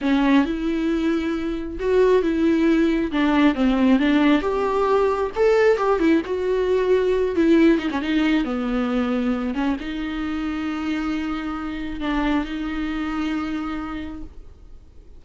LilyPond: \new Staff \with { instrumentName = "viola" } { \time 4/4 \tempo 4 = 135 cis'4 e'2. | fis'4 e'2 d'4 | c'4 d'4 g'2 | a'4 g'8 e'8 fis'2~ |
fis'8 e'4 dis'16 cis'16 dis'4 b4~ | b4. cis'8 dis'2~ | dis'2. d'4 | dis'1 | }